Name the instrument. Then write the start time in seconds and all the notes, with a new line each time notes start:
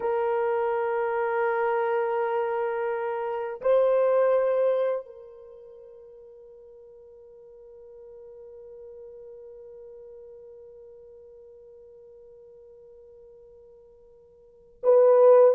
horn
0.00 A#4
3.61 C5
5.05 A#4
14.83 B4